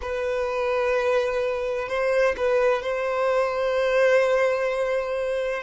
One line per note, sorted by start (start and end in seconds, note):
0.01 1.88 B4
1.88 2.35 C5
2.37 2.82 B4
2.82 5.62 C5